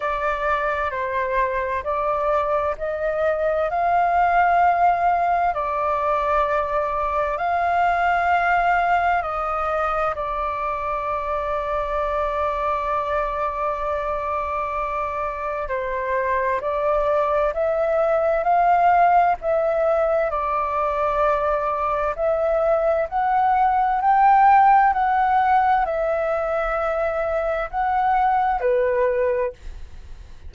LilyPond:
\new Staff \with { instrumentName = "flute" } { \time 4/4 \tempo 4 = 65 d''4 c''4 d''4 dis''4 | f''2 d''2 | f''2 dis''4 d''4~ | d''1~ |
d''4 c''4 d''4 e''4 | f''4 e''4 d''2 | e''4 fis''4 g''4 fis''4 | e''2 fis''4 b'4 | }